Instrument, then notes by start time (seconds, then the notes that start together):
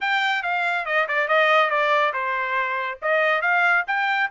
trumpet
0.00 G5
0.42 F5
0.85 D#5
1.08 D5
1.28 D#5
1.70 D5
2.13 C5
3.02 D#5
3.41 F5
3.87 G5